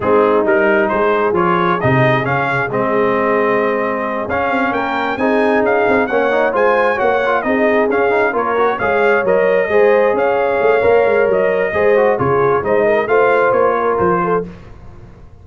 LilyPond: <<
  \new Staff \with { instrumentName = "trumpet" } { \time 4/4 \tempo 4 = 133 gis'4 ais'4 c''4 cis''4 | dis''4 f''4 dis''2~ | dis''4. f''4 g''4 gis''8~ | gis''8 f''4 fis''4 gis''4 fis''8~ |
fis''8 dis''4 f''4 cis''4 f''8~ | f''8 dis''2 f''4.~ | f''4 dis''2 cis''4 | dis''4 f''4 cis''4 c''4 | }
  \new Staff \with { instrumentName = "horn" } { \time 4/4 dis'2 gis'2~ | gis'1~ | gis'2~ gis'8 ais'4 gis'8~ | gis'4. cis''4 c''4 cis''8~ |
cis''8 gis'2 ais'4 cis''8~ | cis''4. c''4 cis''4.~ | cis''2 c''4 gis'4 | c''8 ais'8 c''4. ais'4 a'8 | }
  \new Staff \with { instrumentName = "trombone" } { \time 4/4 c'4 dis'2 f'4 | dis'4 cis'4 c'2~ | c'4. cis'2 dis'8~ | dis'4. cis'8 dis'8 f'4 fis'8 |
f'8 dis'4 cis'8 dis'8 f'8 fis'8 gis'8~ | gis'8 ais'4 gis'2~ gis'8 | ais'2 gis'8 fis'8 f'4 | dis'4 f'2. | }
  \new Staff \with { instrumentName = "tuba" } { \time 4/4 gis4 g4 gis4 f4 | c4 cis4 gis2~ | gis4. cis'8 c'8 ais4 c'8~ | c'8 cis'8 c'8 ais4 gis4 ais8~ |
ais8 c'4 cis'4 ais4 gis8~ | gis8 fis4 gis4 cis'4 a8 | ais8 gis8 fis4 gis4 cis4 | gis4 a4 ais4 f4 | }
>>